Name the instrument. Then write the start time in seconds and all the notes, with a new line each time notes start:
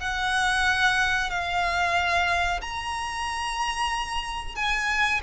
violin
0.00 F#5
1.31 F5
2.62 A#5
4.56 G#5